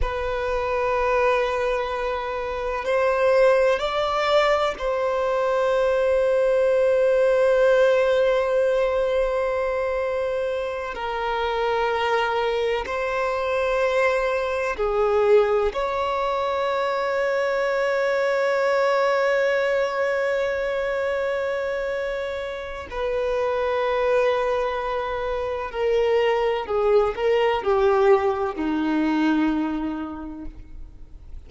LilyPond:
\new Staff \with { instrumentName = "violin" } { \time 4/4 \tempo 4 = 63 b'2. c''4 | d''4 c''2.~ | c''2.~ c''8 ais'8~ | ais'4. c''2 gis'8~ |
gis'8 cis''2.~ cis''8~ | cis''1 | b'2. ais'4 | gis'8 ais'8 g'4 dis'2 | }